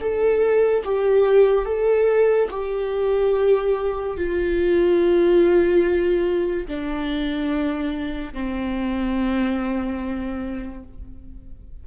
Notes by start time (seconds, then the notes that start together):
0.00 A4
0.84 G4
1.65 A4
2.50 G4
4.17 F4
6.67 D4
8.33 C4